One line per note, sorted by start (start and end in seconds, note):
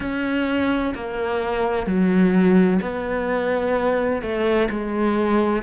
0.00 0.94 C#4
0.95 1.86 A#3
1.86 2.80 F#3
2.81 4.21 B3
4.21 4.68 A3
4.70 5.62 G#3